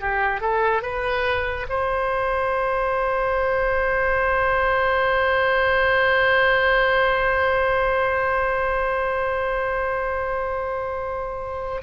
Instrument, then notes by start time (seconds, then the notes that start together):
oboe
0.00 G4
0.40 A4
0.82 B4
1.69 C5